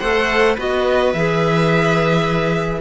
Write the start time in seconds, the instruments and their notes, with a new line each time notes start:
0.00 cello A3, clarinet A4, viola C5, violin F#5
0.55 cello B3, clarinet F#4, viola B4, violin D#5
1.13 cello E3, clarinet G#4, violin E5